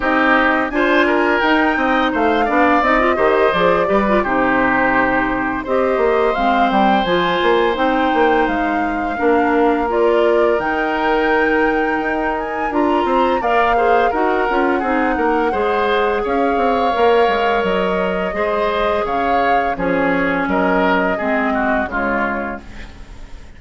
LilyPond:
<<
  \new Staff \with { instrumentName = "flute" } { \time 4/4 \tempo 4 = 85 dis''4 gis''4 g''4 f''4 | dis''4 d''4 c''2 | dis''4 f''8 g''8 gis''4 g''4 | f''2 d''4 g''4~ |
g''4. gis''8 ais''4 f''4 | fis''2. f''4~ | f''4 dis''2 f''4 | cis''4 dis''2 cis''4 | }
  \new Staff \with { instrumentName = "oboe" } { \time 4/4 g'4 c''8 ais'4 dis''8 c''8 d''8~ | d''8 c''4 b'8 g'2 | c''1~ | c''4 ais'2.~ |
ais'2~ ais'8 c''8 d''8 c''8 | ais'4 gis'8 ais'8 c''4 cis''4~ | cis''2 c''4 cis''4 | gis'4 ais'4 gis'8 fis'8 f'4 | }
  \new Staff \with { instrumentName = "clarinet" } { \time 4/4 dis'4 f'4 dis'4. d'8 | dis'16 f'16 g'8 gis'8 g'16 f'16 dis'2 | g'4 c'4 f'4 dis'4~ | dis'4 d'4 f'4 dis'4~ |
dis'2 f'4 ais'8 gis'8 | fis'8 f'8 dis'4 gis'2 | ais'2 gis'2 | cis'2 c'4 gis4 | }
  \new Staff \with { instrumentName = "bassoon" } { \time 4/4 c'4 d'4 dis'8 c'8 a8 b8 | c'8 dis8 f8 g8 c2 | c'8 ais8 gis8 g8 f8 ais8 c'8 ais8 | gis4 ais2 dis4~ |
dis4 dis'4 d'8 c'8 ais4 | dis'8 cis'8 c'8 ais8 gis4 cis'8 c'8 | ais8 gis8 fis4 gis4 cis4 | f4 fis4 gis4 cis4 | }
>>